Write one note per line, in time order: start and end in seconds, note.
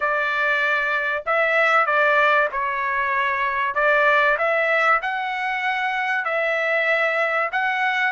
0.00 1.23 D5
1.26 1.86 E5
1.86 2.48 D5
2.51 3.74 C#5
3.74 4.37 D5
4.38 5.00 E5
5.02 6.24 F#5
6.24 7.49 E5
7.52 8.12 F#5